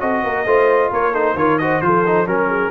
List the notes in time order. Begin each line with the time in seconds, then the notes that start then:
0.00 C4 F#4 A4 D#5
0.23 A#3 A#4
0.45 A3 F4 C5
0.90 A#3 A#4 C#5
1.11 D#4 A4 C5
1.34 D#3 F4 A#4 C#5
1.58 F#4 C5 D#5
1.81 F3 F4 A4 C5
2.06 D#4
2.26 F#3 C#4 A#4
2.48 G#4